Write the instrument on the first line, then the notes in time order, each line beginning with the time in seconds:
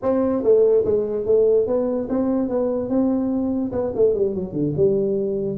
tuba
0.02 C4
0.43 A3
0.84 G#3
1.25 A3
1.66 B3
2.09 C4
2.48 B3
2.89 C4
3.71 B3
3.95 A3
4.14 G3
4.34 F#3
4.52 D3
4.76 G3